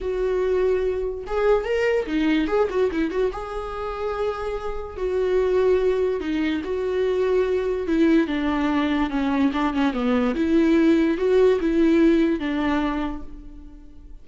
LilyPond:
\new Staff \with { instrumentName = "viola" } { \time 4/4 \tempo 4 = 145 fis'2. gis'4 | ais'4 dis'4 gis'8 fis'8 e'8 fis'8 | gis'1 | fis'2. dis'4 |
fis'2. e'4 | d'2 cis'4 d'8 cis'8 | b4 e'2 fis'4 | e'2 d'2 | }